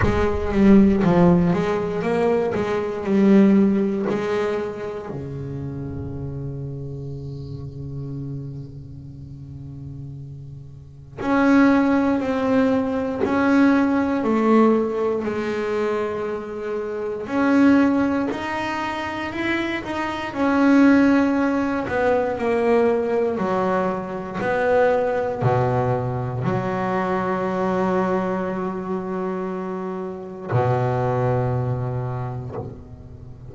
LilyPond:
\new Staff \with { instrumentName = "double bass" } { \time 4/4 \tempo 4 = 59 gis8 g8 f8 gis8 ais8 gis8 g4 | gis4 cis2.~ | cis2. cis'4 | c'4 cis'4 a4 gis4~ |
gis4 cis'4 dis'4 e'8 dis'8 | cis'4. b8 ais4 fis4 | b4 b,4 fis2~ | fis2 b,2 | }